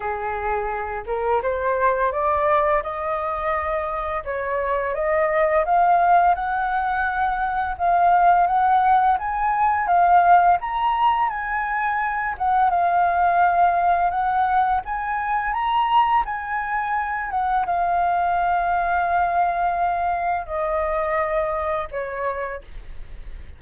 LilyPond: \new Staff \with { instrumentName = "flute" } { \time 4/4 \tempo 4 = 85 gis'4. ais'8 c''4 d''4 | dis''2 cis''4 dis''4 | f''4 fis''2 f''4 | fis''4 gis''4 f''4 ais''4 |
gis''4. fis''8 f''2 | fis''4 gis''4 ais''4 gis''4~ | gis''8 fis''8 f''2.~ | f''4 dis''2 cis''4 | }